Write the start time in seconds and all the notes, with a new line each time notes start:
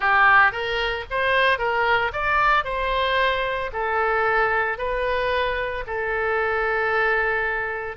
0.00 G4
0.51 A#4
1.10 C5
1.58 A#4
2.12 D5
2.64 C5
3.72 A4
4.78 B4
5.86 A4